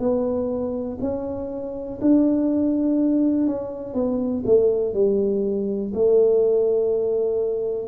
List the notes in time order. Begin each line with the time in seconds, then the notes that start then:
0.00 B3
1.01 C#4
2.02 D4
3.47 C#4
3.94 B3
4.46 A3
4.94 G3
5.95 A3